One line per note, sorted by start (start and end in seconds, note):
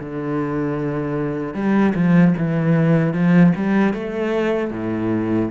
0.00 1.55 D3
1.55 1.94 G3
1.95 2.35 F3
2.38 3.14 E3
3.14 3.53 F3
3.56 3.94 G3
3.94 4.71 A3
4.71 5.50 A2